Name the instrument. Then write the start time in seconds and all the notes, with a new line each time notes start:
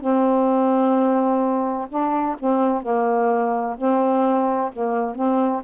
saxophone
0.00 C4
1.89 D4
2.39 C4
2.82 A#3
3.77 C4
4.73 A#3
5.15 C4